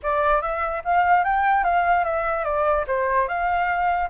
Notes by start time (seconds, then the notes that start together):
0.02 D5
0.41 E5
0.84 F5
1.24 G5
1.63 F5
2.04 E5
2.44 D5
2.87 C5
3.28 F5